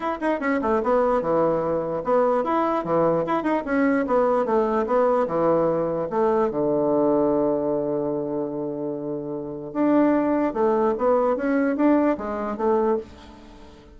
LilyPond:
\new Staff \with { instrumentName = "bassoon" } { \time 4/4 \tempo 4 = 148 e'8 dis'8 cis'8 a8 b4 e4~ | e4 b4 e'4 e4 | e'8 dis'8 cis'4 b4 a4 | b4 e2 a4 |
d1~ | d1 | d'2 a4 b4 | cis'4 d'4 gis4 a4 | }